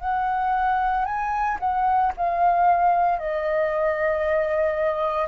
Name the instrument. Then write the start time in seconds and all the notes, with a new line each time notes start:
flute
0.00 F#5
1.06 G#5
1.60 F#5
2.17 F5
3.19 D#5